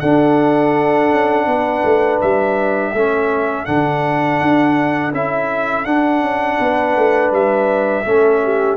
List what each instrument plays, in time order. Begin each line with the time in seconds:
0.00 tuba D4, trombone D4, horn A4, trumpet F#5
1.12 tuba C#4
1.46 tuba B3, horn B4
1.84 tuba A3
2.21 tuba G3, trumpet E5
2.93 tuba A3, trombone C#4, horn A4
3.66 tuba D3, trombone D4, trumpet F#5
4.41 tuba D4
5.12 tuba C#4, trombone E4, trumpet E5
5.85 trombone D4, tuba D4, trumpet F#5
6.21 tuba C#4
6.59 tuba B3, horn B4
6.97 tuba A3
7.32 tuba G3, trumpet E5
8.05 tuba A3, trombone C#4, horn A4
8.44 horn G4